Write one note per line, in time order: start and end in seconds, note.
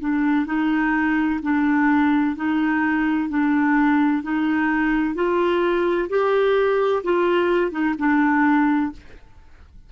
0.00 0.46 D4
0.46 1.40 D#4
1.43 2.37 D4
2.37 3.29 D#4
3.29 4.23 D4
4.23 5.15 D#4
5.15 6.09 F4
6.09 7.03 G4
7.04 7.71 F4
7.71 7.95 D#4
7.99 8.92 D4